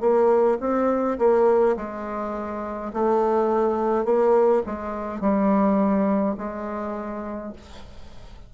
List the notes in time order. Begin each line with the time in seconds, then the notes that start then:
0.00 A#3
0.60 C4
1.18 A#3
1.76 G#3
2.93 A3
4.04 A#3
4.66 G#3
5.20 G3
6.37 G#3